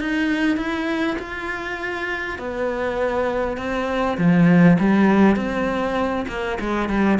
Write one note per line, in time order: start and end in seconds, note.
0.00 0.57 D#4
0.57 1.17 E4
1.19 2.38 F4
2.38 3.57 B3
3.57 4.17 C4
4.18 4.78 F3
4.79 5.36 G3
5.36 6.26 C4
6.28 6.58 A#3
6.60 6.89 G#3
6.89 7.19 G3